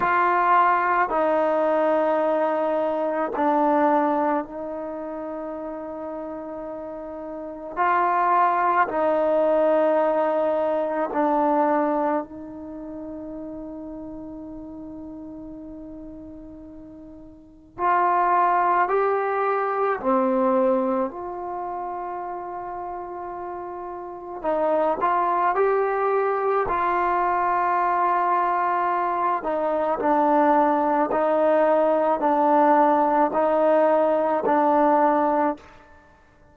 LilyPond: \new Staff \with { instrumentName = "trombone" } { \time 4/4 \tempo 4 = 54 f'4 dis'2 d'4 | dis'2. f'4 | dis'2 d'4 dis'4~ | dis'1 |
f'4 g'4 c'4 f'4~ | f'2 dis'8 f'8 g'4 | f'2~ f'8 dis'8 d'4 | dis'4 d'4 dis'4 d'4 | }